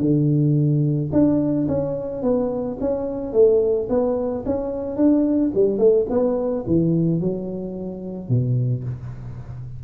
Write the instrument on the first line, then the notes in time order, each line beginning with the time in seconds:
tuba
0.00 D3
1.12 D4
1.68 C#4
2.22 B3
2.80 C#4
3.33 A3
3.89 B3
4.45 C#4
4.96 D4
5.54 G3
5.78 A3
6.09 B3
6.66 E3
7.20 F#3
8.28 B2